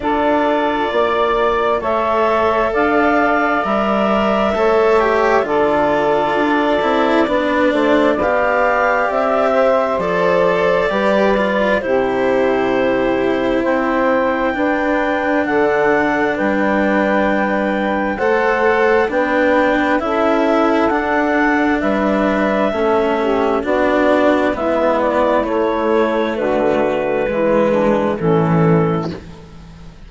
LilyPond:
<<
  \new Staff \with { instrumentName = "clarinet" } { \time 4/4 \tempo 4 = 66 d''2 e''4 f''4 | e''2 d''2~ | d''4 f''4 e''4 d''4~ | d''4 c''2 g''4~ |
g''4 fis''4 g''2 | fis''4 g''4 e''4 fis''4 | e''2 d''4 e''8 d''8 | cis''4 b'2 a'4 | }
  \new Staff \with { instrumentName = "saxophone" } { \time 4/4 a'4 d''4 cis''4 d''4~ | d''4 cis''4 a'2 | b'8 c''8 d''4. c''4. | b'4 g'2 c''4 |
b'4 a'4 b'2 | c''4 b'4 a'2 | b'4 a'8 g'8 fis'4 e'4~ | e'4 fis'4 e'8 d'8 cis'4 | }
  \new Staff \with { instrumentName = "cello" } { \time 4/4 f'2 a'2 | ais'4 a'8 g'8 f'4. e'8 | d'4 g'2 a'4 | g'8 f'8 e'2. |
d'1 | a'4 d'4 e'4 d'4~ | d'4 cis'4 d'4 b4 | a2 gis4 e4 | }
  \new Staff \with { instrumentName = "bassoon" } { \time 4/4 d'4 ais4 a4 d'4 | g4 a4 d4 d'8 c'8 | b8 a8 b4 c'4 f4 | g4 c2 c'4 |
d'4 d4 g2 | a4 b4 cis'4 d'4 | g4 a4 b4 gis4 | a4 d4 e4 a,4 | }
>>